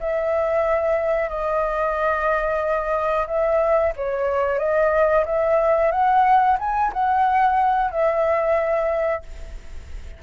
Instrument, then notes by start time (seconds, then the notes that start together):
flute
0.00 E5
1.29 D#5
3.27 E5
3.96 C#5
4.59 D#5
5.25 E5
5.91 F#5
6.59 G#5
6.93 F#5
7.91 E5